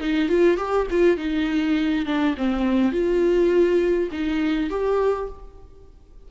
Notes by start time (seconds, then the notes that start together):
0.00 D#4
0.29 F4
0.57 G4
0.90 F4
1.17 D#4
2.06 D4
2.37 C4
2.92 F4
4.11 D#4
4.70 G4